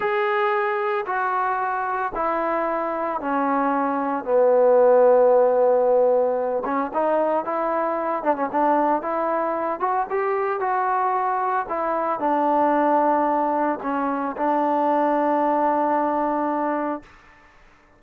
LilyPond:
\new Staff \with { instrumentName = "trombone" } { \time 4/4 \tempo 4 = 113 gis'2 fis'2 | e'2 cis'2 | b1~ | b8 cis'8 dis'4 e'4. d'16 cis'16 |
d'4 e'4. fis'8 g'4 | fis'2 e'4 d'4~ | d'2 cis'4 d'4~ | d'1 | }